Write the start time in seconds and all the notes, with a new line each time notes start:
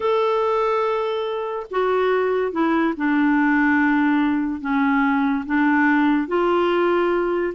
0.00 A4
1.70 F#4
2.52 E4
2.96 D4
4.61 C#4
5.45 D4
6.27 F4